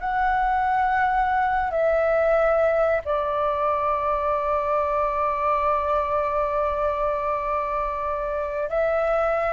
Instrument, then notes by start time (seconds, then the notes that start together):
flute
0.00 F#5
1.71 E5
3.04 D5
8.69 E5